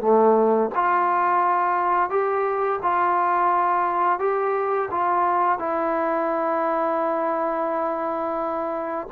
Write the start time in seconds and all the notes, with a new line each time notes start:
0.00 A3
0.74 F4
2.10 G4
2.82 F4
4.19 G4
4.91 F4
5.58 E4